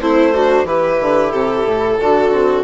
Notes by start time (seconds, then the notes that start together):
0.00 A3 C4 E4 C5
0.34 D4 F#4
0.63 E3 E4 G4 B4
1.01 D3
1.31 C3 A4
1.65 A2
1.99 D3 D4 F#4
2.31 C4